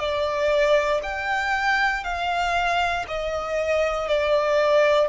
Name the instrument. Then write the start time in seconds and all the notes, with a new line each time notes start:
violin
0.00 D5
1.03 G5
2.04 F5
3.08 D#5
4.09 D5